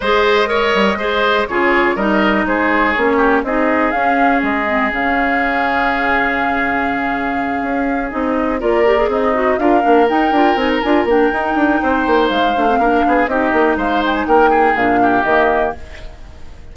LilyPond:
<<
  \new Staff \with { instrumentName = "flute" } { \time 4/4 \tempo 4 = 122 dis''2. cis''4 | dis''4 c''4 cis''4 dis''4 | f''4 dis''4 f''2~ | f''1~ |
f''8 dis''4 d''4 dis''4 f''8~ | f''8 g''4 gis''16 ais''16 gis''8 g''4.~ | g''4 f''2 dis''4 | f''8 g''16 gis''16 g''4 f''4 dis''4 | }
  \new Staff \with { instrumentName = "oboe" } { \time 4/4 c''4 cis''4 c''4 gis'4 | ais'4 gis'4. g'8 gis'4~ | gis'1~ | gis'1~ |
gis'4. ais'4 dis'4 ais'8~ | ais'1 | c''2 ais'8 gis'8 g'4 | c''4 ais'8 gis'4 g'4. | }
  \new Staff \with { instrumentName = "clarinet" } { \time 4/4 gis'4 ais'4 gis'4 f'4 | dis'2 cis'4 dis'4 | cis'4. c'8 cis'2~ | cis'1~ |
cis'8 dis'4 f'8 g'16 gis'8. fis'8 f'8 | d'8 dis'8 f'8 dis'8 f'8 d'8 dis'4~ | dis'4. d'16 c'16 d'4 dis'4~ | dis'2 d'4 ais4 | }
  \new Staff \with { instrumentName = "bassoon" } { \time 4/4 gis4. g8 gis4 cis4 | g4 gis4 ais4 c'4 | cis'4 gis4 cis2~ | cis2.~ cis8 cis'8~ |
cis'8 c'4 ais4 c'4 d'8 | ais8 dis'8 d'8 c'8 d'8 ais8 dis'8 d'8 | c'8 ais8 gis8 a8 ais8 b8 c'8 ais8 | gis4 ais4 ais,4 dis4 | }
>>